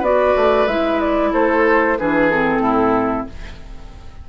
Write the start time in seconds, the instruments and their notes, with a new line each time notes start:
0.00 bassoon B3, clarinet F#4, oboe B4, flute D5
0.36 bassoon A3
0.67 bassoon G#3, clarinet E4, flute E5
1.01 flute D5
1.33 bassoon A3, oboe A4, flute C5
1.99 bassoon E3, clarinet D4, oboe G#4, flute B4
2.30 clarinet C4, flute A4
2.59 bassoon A2, oboe E4